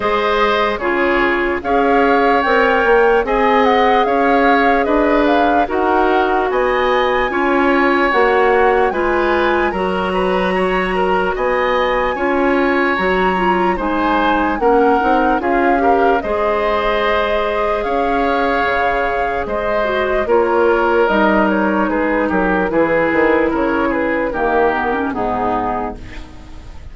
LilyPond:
<<
  \new Staff \with { instrumentName = "flute" } { \time 4/4 \tempo 4 = 74 dis''4 cis''4 f''4 g''4 | gis''8 fis''8 f''4 dis''8 f''8 fis''4 | gis''2 fis''4 gis''4 | ais''2 gis''2 |
ais''4 gis''4 fis''4 f''4 | dis''2 f''2 | dis''4 cis''4 dis''8 cis''8 b'8 ais'8 | b'4 cis''8 b'8 ais'4 gis'4 | }
  \new Staff \with { instrumentName = "oboe" } { \time 4/4 c''4 gis'4 cis''2 | dis''4 cis''4 b'4 ais'4 | dis''4 cis''2 b'4 | ais'8 b'8 cis''8 ais'8 dis''4 cis''4~ |
cis''4 c''4 ais'4 gis'8 ais'8 | c''2 cis''2 | c''4 ais'2 gis'8 g'8 | gis'4 ais'8 gis'8 g'4 dis'4 | }
  \new Staff \with { instrumentName = "clarinet" } { \time 4/4 gis'4 f'4 gis'4 ais'4 | gis'2. fis'4~ | fis'4 f'4 fis'4 f'4 | fis'2. f'4 |
fis'8 f'8 dis'4 cis'8 dis'8 f'8 g'8 | gis'1~ | gis'8 fis'8 f'4 dis'2 | e'2 ais8 b16 cis'16 b4 | }
  \new Staff \with { instrumentName = "bassoon" } { \time 4/4 gis4 cis4 cis'4 c'8 ais8 | c'4 cis'4 d'4 dis'4 | b4 cis'4 ais4 gis4 | fis2 b4 cis'4 |
fis4 gis4 ais8 c'8 cis'4 | gis2 cis'4 cis4 | gis4 ais4 g4 gis8 fis8 | e8 dis8 cis4 dis4 gis,4 | }
>>